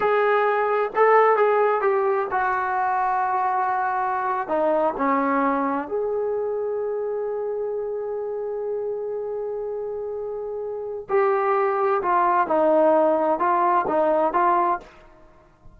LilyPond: \new Staff \with { instrumentName = "trombone" } { \time 4/4 \tempo 4 = 130 gis'2 a'4 gis'4 | g'4 fis'2.~ | fis'4.~ fis'16 dis'4 cis'4~ cis'16~ | cis'8. gis'2.~ gis'16~ |
gis'1~ | gis'1 | g'2 f'4 dis'4~ | dis'4 f'4 dis'4 f'4 | }